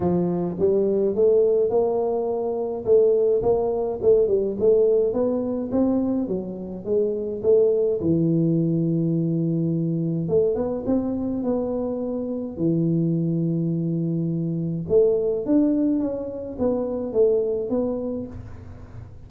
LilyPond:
\new Staff \with { instrumentName = "tuba" } { \time 4/4 \tempo 4 = 105 f4 g4 a4 ais4~ | ais4 a4 ais4 a8 g8 | a4 b4 c'4 fis4 | gis4 a4 e2~ |
e2 a8 b8 c'4 | b2 e2~ | e2 a4 d'4 | cis'4 b4 a4 b4 | }